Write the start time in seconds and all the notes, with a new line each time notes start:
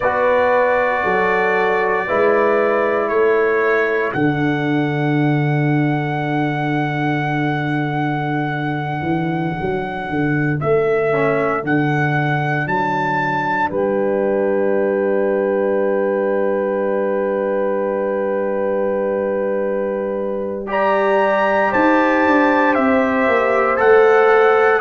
0.00 B3 F#4 B4 D5
1.03 F#3 A4
2.06 G#3 E4 B4
3.08 A3 A4 C#5
4.13 D3 D4 F#5
9.01 E3
9.59 F#3
10.09 D3
10.60 A3 E5
11.12 C#4
11.62 D3 D4 F#5
12.66 F#3 A5
13.69 G3 B4 G5
20.66 G4 D5 A#5
21.71 D#4 C5 A5
22.26 D4
22.74 C4 E5
23.27 A#3
23.77 A3 A4 F#5